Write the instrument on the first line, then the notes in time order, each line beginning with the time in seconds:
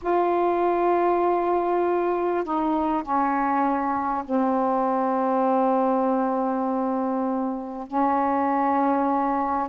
saxophone
0.02 F4
2.44 D#4
3.02 C#4
4.24 C4
7.87 C#4